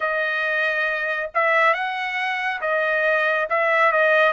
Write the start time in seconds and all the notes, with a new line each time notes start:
0.00 D#5
1.34 E5
1.74 F#5
2.61 D#5
3.49 E5
3.92 D#5